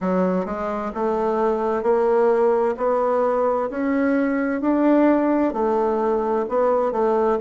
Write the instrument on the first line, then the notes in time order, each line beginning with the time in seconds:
bassoon
0.00 F#3
0.45 G#3
0.94 A3
1.82 A#3
2.77 B3
3.70 C#4
4.61 D4
5.53 A3
6.48 B3
6.92 A3